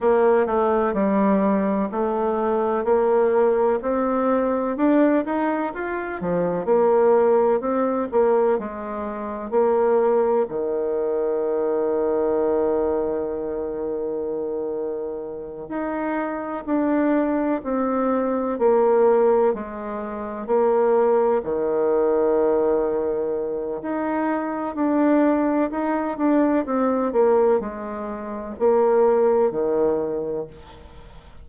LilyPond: \new Staff \with { instrumentName = "bassoon" } { \time 4/4 \tempo 4 = 63 ais8 a8 g4 a4 ais4 | c'4 d'8 dis'8 f'8 f8 ais4 | c'8 ais8 gis4 ais4 dis4~ | dis1~ |
dis8 dis'4 d'4 c'4 ais8~ | ais8 gis4 ais4 dis4.~ | dis4 dis'4 d'4 dis'8 d'8 | c'8 ais8 gis4 ais4 dis4 | }